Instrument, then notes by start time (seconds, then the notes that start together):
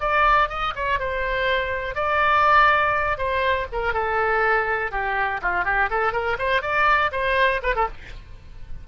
oboe
0.00 D5
0.49 D#5
0.75 C#5
0.99 C5
1.94 D5
3.17 C5
3.72 A#4
3.93 A4
4.91 G4
5.41 F4
5.64 G4
5.90 A4
6.12 A#4
6.38 C5
6.61 D5
7.11 C5
7.62 B4
7.75 A4